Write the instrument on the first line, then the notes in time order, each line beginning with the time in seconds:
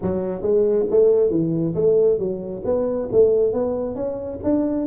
tuba
0.02 F#3
0.42 G#3
0.90 A3
1.30 E3
1.74 A3
2.18 F#3
2.65 B3
3.12 A3
3.52 B3
3.95 C#4
4.43 D4